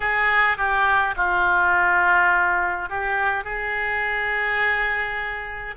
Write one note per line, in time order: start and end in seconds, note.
0.00 0.57 G#4
0.57 1.14 G4
1.16 2.89 F4
2.89 3.44 G4
3.44 5.74 G#4